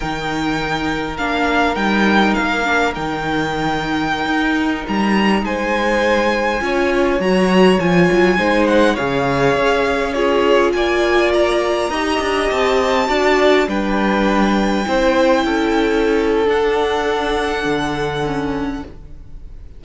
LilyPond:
<<
  \new Staff \with { instrumentName = "violin" } { \time 4/4 \tempo 4 = 102 g''2 f''4 g''4 | f''4 g''2.~ | g''16 ais''4 gis''2~ gis''8.~ | gis''16 ais''4 gis''4. fis''8 f''8.~ |
f''4~ f''16 cis''4 gis''4 ais''8.~ | ais''4~ ais''16 a''2 g''8.~ | g''1 | fis''1 | }
  \new Staff \with { instrumentName = "violin" } { \time 4/4 ais'1~ | ais'1~ | ais'4~ ais'16 c''2 cis''8.~ | cis''2~ cis''16 c''4 cis''8.~ |
cis''4~ cis''16 gis'4 d''4.~ d''16~ | d''16 dis''2 d''4 b'8.~ | b'4~ b'16 c''4 a'4.~ a'16~ | a'1 | }
  \new Staff \with { instrumentName = "viola" } { \time 4/4 dis'2 d'4 dis'4~ | dis'8 d'8 dis'2.~ | dis'2.~ dis'16 f'8.~ | f'16 fis'4 f'4 dis'4 gis'8.~ |
gis'4~ gis'16 f'2~ f'8.~ | f'16 g'2 fis'4 d'8.~ | d'4~ d'16 e'2~ e'8. | d'2. cis'4 | }
  \new Staff \with { instrumentName = "cello" } { \time 4/4 dis2 ais4 g4 | ais4 dis2~ dis16 dis'8.~ | dis'16 g4 gis2 cis'8.~ | cis'16 fis4 f8 fis8 gis4 cis8.~ |
cis16 cis'2 ais4.~ ais16~ | ais16 dis'8 d'8 c'4 d'4 g8.~ | g4~ g16 c'4 cis'4.~ cis'16 | d'2 d2 | }
>>